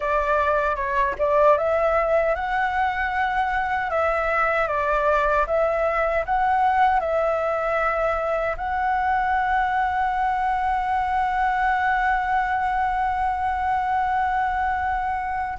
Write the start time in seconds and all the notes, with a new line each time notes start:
0.00 D5
0.75 C#5
1.18 D5
1.57 E5
2.35 F#5
3.90 E5
4.67 D5
5.47 E5
6.26 F#5
7.00 E5
8.57 F#5